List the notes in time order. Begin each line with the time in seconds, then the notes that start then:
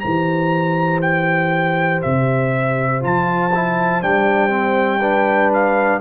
0.00 E3 G4 C5 A#5
1.02 G5
2.02 C3 E5
2.99 F3 F4 A5
3.54 E4
4.02 G3 D4 G5
4.49 C4
4.99 D4 B4
5.53 F5